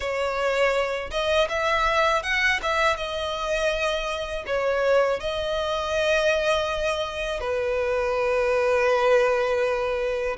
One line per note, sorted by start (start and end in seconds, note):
0.00 1.10 C#5
1.10 1.47 D#5
1.48 2.23 E5
2.23 2.60 F#5
2.62 2.96 E5
2.96 4.44 D#5
4.46 5.20 C#5
5.20 7.40 D#5
7.40 10.36 B4